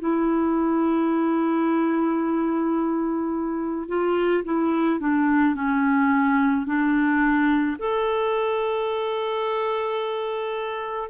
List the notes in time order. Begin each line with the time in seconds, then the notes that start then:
0.00 E4
3.88 F4
4.44 E4
4.99 D4
5.55 C#4
6.66 D4
7.79 A4